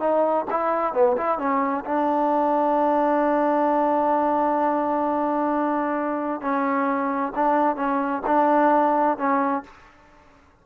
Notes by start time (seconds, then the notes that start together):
0.00 D#4
0.51 E4
0.94 B3
1.18 E4
1.39 C#4
1.85 D4
6.41 C#4
7.36 D4
7.76 C#4
8.27 D4
9.18 C#4